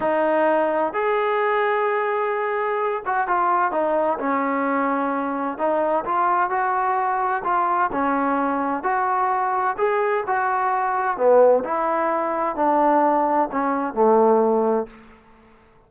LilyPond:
\new Staff \with { instrumentName = "trombone" } { \time 4/4 \tempo 4 = 129 dis'2 gis'2~ | gis'2~ gis'8 fis'8 f'4 | dis'4 cis'2. | dis'4 f'4 fis'2 |
f'4 cis'2 fis'4~ | fis'4 gis'4 fis'2 | b4 e'2 d'4~ | d'4 cis'4 a2 | }